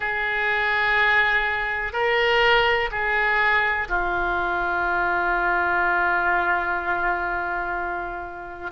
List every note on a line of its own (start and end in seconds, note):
0.00 1.93 G#4
1.93 2.89 A#4
2.91 3.88 G#4
3.88 8.71 F4